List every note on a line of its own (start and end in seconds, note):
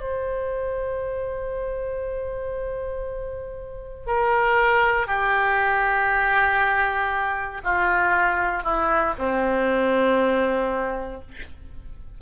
0.00 4.07 C5
4.07 5.07 A#4
5.07 7.61 G4
7.64 8.63 F4
8.63 9.14 E4
9.18 11.21 C4